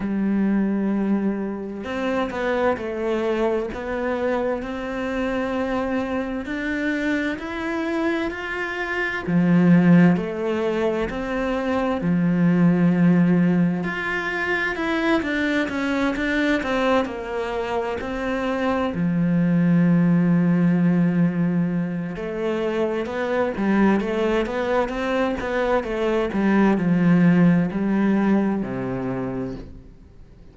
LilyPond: \new Staff \with { instrumentName = "cello" } { \time 4/4 \tempo 4 = 65 g2 c'8 b8 a4 | b4 c'2 d'4 | e'4 f'4 f4 a4 | c'4 f2 f'4 |
e'8 d'8 cis'8 d'8 c'8 ais4 c'8~ | c'8 f2.~ f8 | a4 b8 g8 a8 b8 c'8 b8 | a8 g8 f4 g4 c4 | }